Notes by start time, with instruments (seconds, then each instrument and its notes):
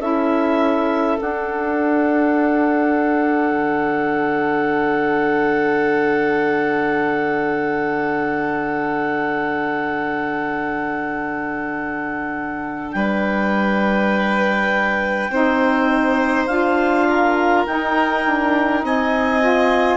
0.00 bassoon C#4, saxophone E4, violin A4, clarinet E5
1.20 saxophone D4, bassoon D4, clarinet F#5
3.52 bassoon D3
12.92 bassoon G3, violin B4, clarinet G5
15.30 bassoon C4, saxophone D#4, violin C5
16.47 bassoon D4, saxophone F4, clarinet F5
17.10 violin A#4
17.67 saxophone D#4, bassoon D#4, clarinet G5
18.26 bassoon D4
18.83 bassoon C4, violin D#5, clarinet G#5
19.41 saxophone F4